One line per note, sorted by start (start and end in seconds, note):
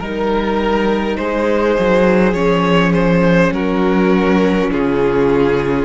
0.00 1.18 G3
0.00 2.34 D#4
0.00 1.18 A#4
0.00 1.17 A#4
1.17 1.78 G#3
1.17 3.53 G#4
1.17 2.34 C5
1.79 2.33 F#3
2.33 3.51 F3
2.33 5.85 C#4
2.33 2.92 C#5
2.94 3.53 C5
3.51 4.69 F#3
3.51 4.71 F#4
3.51 4.71 A#4
4.72 5.85 C#3
4.72 5.85 F4
4.72 5.85 G#4